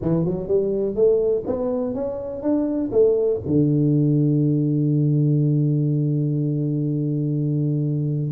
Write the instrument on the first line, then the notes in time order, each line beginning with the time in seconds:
tuba
0.01 E3
0.25 F#3
0.47 G3
0.95 A3
1.46 B3
1.94 C#4
2.42 D4
2.91 A3
3.46 D3